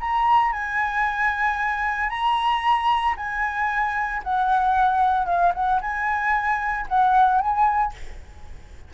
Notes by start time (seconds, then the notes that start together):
0.00 A#5
0.53 G#5
2.10 A#5
3.17 G#5
4.24 F#5
5.26 F5
5.55 F#5
5.82 G#5
6.89 F#5
7.41 G#5